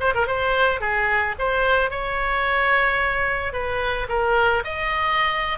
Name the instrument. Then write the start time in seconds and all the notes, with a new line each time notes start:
oboe
0.00 C5
0.14 A#4
0.27 C5
0.80 G#4
1.39 C5
1.90 C#5
3.53 B4
4.09 A#4
4.64 D#5